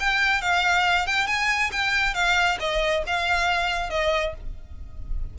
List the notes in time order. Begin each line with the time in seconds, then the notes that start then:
0.00 G5
0.41 F5
1.07 G5
1.27 G#5
1.72 G5
2.14 F5
2.60 D#5
3.07 F5
3.90 D#5